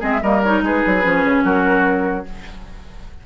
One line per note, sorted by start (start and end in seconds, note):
0.00 0.22 G#3
0.00 0.20 C4
0.00 0.20 G#4
0.00 0.12 D#5
0.12 0.22 E5
0.22 0.62 G3
0.22 0.44 A#3
0.22 0.63 A#4
0.22 0.42 D#5
0.43 1.02 D#4
0.43 0.63 C#5
0.62 0.83 G#3
0.62 1.44 G#4
0.62 1.45 B4
0.86 1.05 F#3
1.02 1.25 F3
1.02 2.25 C#4
1.25 1.44 C#3
1.44 2.25 F#3
1.44 2.26 F#4
1.44 2.26 A#4